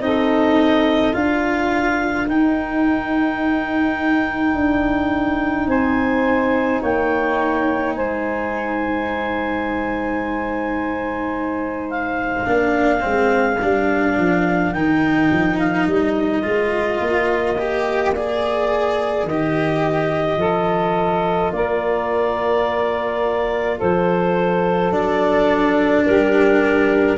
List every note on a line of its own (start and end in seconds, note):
0.00 1.13 C4
0.00 1.12 D#4
0.00 1.16 A4
0.00 1.14 D#5
1.12 2.27 D4
1.12 2.25 F4
1.12 5.69 A#4
1.12 2.27 F5
2.27 4.54 D#4
2.27 12.45 D#4
2.27 5.68 G5
4.54 5.67 D4
5.67 6.80 C4
5.67 6.81 C5
5.67 6.82 G#5
6.81 7.95 A#3
6.81 7.94 C#5
6.81 7.95 G5
7.95 12.46 G#3
7.95 12.48 C5
7.95 11.90 G#5
11.90 14.72 F5
12.45 13.03 A#3
12.45 13.00 D4
12.45 20.39 A#4
13.00 13.61 G#3
13.00 13.56 C4
13.61 14.17 G3
13.61 14.74 D4
14.17 14.73 F3
14.72 15.29 D#3
14.72 16.42 D#4
14.72 15.57 G5
15.32 15.87 F3
15.58 15.87 F5
15.87 16.43 G3
15.87 18.15 D#5
16.42 17.00 G#3
16.42 17.56 F4
17.00 19.23 A#3
17.58 18.14 G4
18.15 19.28 G#4
18.15 19.27 D5
19.23 20.37 D#3
19.23 21.52 D#5
19.30 20.39 G4
20.37 21.50 F3
20.37 24.92 F4
20.37 21.52 A4
21.52 23.79 A#3
21.52 23.77 A#4
21.52 23.79 D5
23.77 24.91 F3
23.77 26.03 A4
23.77 24.92 C5
24.91 26.04 F#3
24.91 27.17 D4
24.91 26.05 D5
26.06 27.17 G3
26.06 27.17 G4
26.06 27.17 A#4